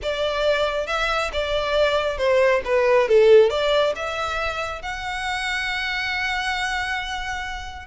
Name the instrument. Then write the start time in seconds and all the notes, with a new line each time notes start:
violin
0.02 D5
0.86 E5
1.32 D5
2.17 C5
2.65 B4
3.08 A4
3.49 D5
3.95 E5
4.82 F#5